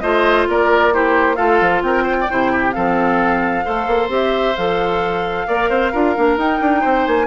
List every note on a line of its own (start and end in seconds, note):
0.00 0.48 A3
0.00 0.93 F4
0.00 0.48 C5
0.00 0.45 D#5
0.48 1.38 A#3
0.48 0.94 A#4
0.48 0.94 D5
0.93 1.36 E4
0.93 1.37 G4
0.93 1.36 C5
1.36 1.61 A3
1.36 2.27 F4
1.36 1.82 A4
1.36 1.81 F5
1.61 1.82 F3
1.82 2.27 C4
1.82 2.04 A#4
1.82 2.72 G5
2.04 2.15 C5
2.21 2.31 D5
2.30 2.76 C3
2.30 2.74 E4
2.30 2.52 C5
2.52 2.74 G4
2.72 3.67 F3
2.72 3.64 C4
2.72 3.65 A4
2.72 4.08 F5
3.64 3.87 A3
3.64 4.09 A4
3.64 5.47 C5
3.87 4.09 A#3
4.09 4.54 C4
4.09 4.55 G4
4.09 4.56 E5
4.56 5.48 F3
4.56 5.48 A4
4.56 6.38 F5
5.47 5.70 A#3
5.47 5.94 A#4
5.47 5.70 D5
5.70 5.92 C4
5.70 5.92 C5
5.92 6.17 D4
5.92 6.16 F4
5.92 6.81 A#4
6.16 6.37 A#3
6.16 6.39 D4
6.37 6.60 D#4
6.37 7.27 D#4
6.37 7.07 G5
6.61 6.84 D4
6.81 7.07 C4
6.81 7.27 C5
7.07 7.27 A#3
7.07 7.27 G#5